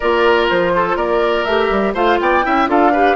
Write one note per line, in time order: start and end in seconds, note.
0.00 0.51 A#3
0.00 1.47 F4
0.00 0.72 A#4
0.00 0.47 D5
0.49 0.96 F3
0.49 0.97 C5
0.76 0.96 A4
0.96 1.44 A#3
0.96 1.94 A#4
0.96 1.44 D5
1.44 1.70 A3
1.44 1.95 G4
1.44 1.93 E5
1.70 1.94 G3
1.94 2.18 A3
1.94 2.43 F4
1.94 2.18 C5
1.94 2.20 F5
2.20 2.44 B3
2.20 2.45 D5
2.20 2.69 G5
2.43 2.67 C#4
2.43 2.67 E4
2.43 2.69 E5
2.67 3.16 D4
2.67 2.91 F4
2.67 2.92 A4
2.67 3.16 F5
2.92 3.16 G4
2.92 3.16 B4